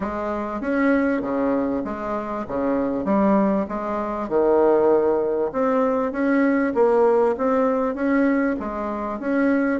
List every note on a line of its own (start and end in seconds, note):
0.00 0.60 G#3
0.60 1.21 C#4
1.21 1.83 C#3
1.84 2.45 G#3
2.47 3.04 C#3
3.04 3.66 G3
3.68 4.28 G#3
4.28 5.51 D#3
5.52 6.12 C4
6.12 6.73 C#4
6.74 7.35 A#3
7.37 7.94 C4
7.94 8.55 C#4
8.59 9.19 G#3
9.19 9.80 C#4